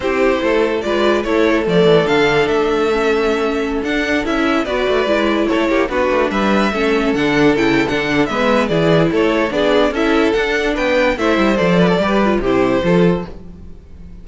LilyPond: <<
  \new Staff \with { instrumentName = "violin" } { \time 4/4 \tempo 4 = 145 c''2 d''4 cis''4 | d''4 f''4 e''2~ | e''4~ e''16 fis''4 e''4 d''8.~ | d''4~ d''16 cis''4 b'4 e''8.~ |
e''4~ e''16 fis''4 g''8. fis''4 | e''4 d''4 cis''4 d''4 | e''4 fis''4 g''4 e''4 | d''2 c''2 | }
  \new Staff \with { instrumentName = "violin" } { \time 4/4 g'4 a'4 b'4 a'4~ | a'1~ | a'2.~ a'16 b'8.~ | b'4~ b'16 a'8 g'8 fis'4 b'8.~ |
b'16 a'2.~ a'8. | b'4 gis'4 a'4 gis'4 | a'2 b'4 c''4~ | c''8 b'16 a'16 b'4 g'4 a'4 | }
  \new Staff \with { instrumentName = "viola" } { \time 4/4 e'2 f'4 e'4 | a4 d'2 cis'4~ | cis'4~ cis'16 d'4 e'4 fis'8.~ | fis'16 e'2 d'4.~ d'16~ |
d'16 cis'4 d'4 e'8. d'4 | b4 e'2 d'4 | e'4 d'2 e'4 | a'4 g'8 f'8 e'4 f'4 | }
  \new Staff \with { instrumentName = "cello" } { \time 4/4 c'4 a4 gis4 a4 | f8 e8 d4 a2~ | a4~ a16 d'4 cis'4 b8 a16~ | a16 gis4 a8 ais8 b8 a8 g8.~ |
g16 a4 d4 cis8. d4 | gis4 e4 a4 b4 | cis'4 d'4 b4 a8 g8 | f4 g4 c4 f4 | }
>>